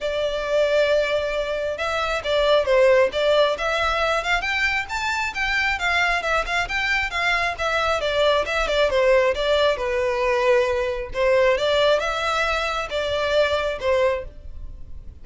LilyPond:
\new Staff \with { instrumentName = "violin" } { \time 4/4 \tempo 4 = 135 d''1 | e''4 d''4 c''4 d''4 | e''4. f''8 g''4 a''4 | g''4 f''4 e''8 f''8 g''4 |
f''4 e''4 d''4 e''8 d''8 | c''4 d''4 b'2~ | b'4 c''4 d''4 e''4~ | e''4 d''2 c''4 | }